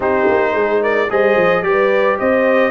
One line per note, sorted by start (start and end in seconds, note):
0.00 0.27 C4
0.00 1.09 D#4
0.00 0.53 G4
0.00 0.83 C5
0.28 0.54 A#3
0.54 1.08 G#3
0.54 0.82 G#4
0.82 1.09 A#4
0.82 1.10 D5
1.10 1.36 G3
1.10 1.63 G#4
1.10 1.65 C5
1.10 1.62 D#5
1.36 1.61 F3
1.61 2.16 G3
1.61 2.71 G4
1.61 2.17 D5
1.67 2.18 B4
2.18 2.71 C4
2.18 2.71 C5
2.18 2.71 D#5